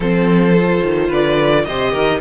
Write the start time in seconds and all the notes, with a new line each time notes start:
0.00 F3 C4 A4 C5
0.56 F4
0.83 D#3
1.07 D3 B4 D5
1.64 C3 G4 C5 D#5
1.91 D#3 A#4